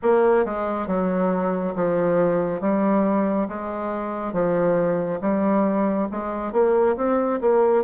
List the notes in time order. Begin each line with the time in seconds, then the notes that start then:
0.02 A#3
0.45 G#3
0.87 F#3
1.75 F3
2.60 G3
3.48 G#3
4.32 F3
5.21 G3
6.11 G#3
6.52 A#3
6.96 C4
7.40 A#3